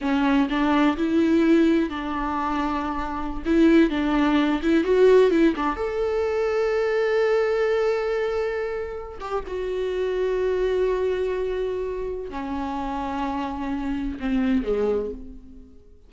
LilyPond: \new Staff \with { instrumentName = "viola" } { \time 4/4 \tempo 4 = 127 cis'4 d'4 e'2 | d'2.~ d'16 e'8.~ | e'16 d'4. e'8 fis'4 e'8 d'16~ | d'16 a'2.~ a'8.~ |
a'2.~ a'8 g'8 | fis'1~ | fis'2 cis'2~ | cis'2 c'4 gis4 | }